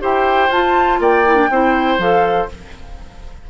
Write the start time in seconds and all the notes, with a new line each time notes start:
0.00 E4 G4 C5 G5
0.49 F4 A5
1.00 A#3 D5 G5
1.26 E4
1.35 D4
1.50 C4 E4 C5
1.98 F3 A4 F5